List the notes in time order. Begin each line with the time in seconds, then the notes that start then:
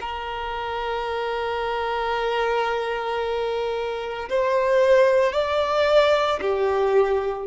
0.00 A#4
4.29 C5
5.32 D5
6.41 G4